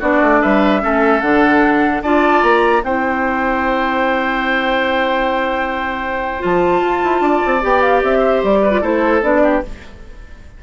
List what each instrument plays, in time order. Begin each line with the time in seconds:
0.00 bassoon B3, clarinet D4, oboe F#4, flute D5
0.22 bassoon A3
0.42 bassoon G3, oboe B4, flute E5
0.81 bassoon A3, clarinet C#4, oboe A4
1.21 bassoon D3, clarinet D4, flute F#5
2.03 bassoon D4, clarinet F4, oboe D5, flute A5
2.43 bassoon A#3, flute A#5
2.82 bassoon C4, clarinet E4, oboe C5, flute G5
6.40 bassoon F3, clarinet F4, flute A5
6.82 bassoon F4
7.04 bassoon E4
7.21 bassoon D4, oboe D5
7.46 bassoon C4
7.62 bassoon B3, clarinet G4, flute G5
7.82 flute F5
8.03 bassoon C4, flute E5
8.19 oboe C5
8.43 bassoon G3, flute D5
8.62 oboe B4
8.71 clarinet F4
8.82 bassoon A3, clarinet E4, oboe A4, flute C5
9.23 bassoon B3, clarinet D4, flute D5
9.43 oboe G4